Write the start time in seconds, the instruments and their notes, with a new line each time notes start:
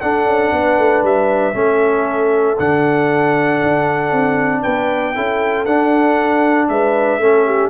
0.00 tuba D4, trombone D4, horn A4, trumpet F#5
0.26 tuba C#4
0.52 tuba B3, horn B4
0.78 tuba A3
1.03 tuba G3, trumpet E5
1.53 tuba A3, trombone C#4, horn A4
2.58 tuba D3, trombone D4, trumpet F#5
3.62 tuba D4
4.11 tuba C4
4.62 tuba B3, horn B4, trumpet G5
5.15 tuba C#4, trombone E4, horn A4
5.65 tuba D4, trombone D4, trumpet F#5
6.68 tuba G#3, horn B4, trumpet E5
7.18 tuba A3, trombone C#4, horn A4
7.45 horn G4